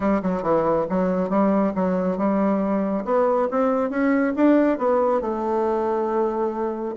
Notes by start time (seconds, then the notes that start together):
0.00 G3
0.22 F#3
0.42 E3
0.89 F#3
1.29 G3
1.75 F#3
2.17 G3
3.04 B3
3.50 C4
3.89 C#4
4.35 D4
4.78 B3
5.21 A3